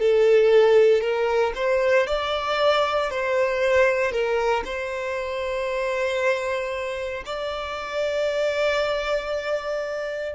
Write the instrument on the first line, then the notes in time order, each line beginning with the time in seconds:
violin
0.00 A4
1.02 A#4
1.56 C5
2.07 D5
3.11 C5
4.12 A#4
4.66 C5
7.26 D5